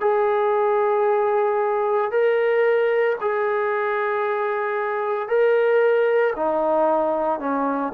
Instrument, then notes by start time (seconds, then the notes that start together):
trombone
0.00 G#4
2.11 A#4
3.21 G#4
5.28 A#4
6.35 D#4
7.39 C#4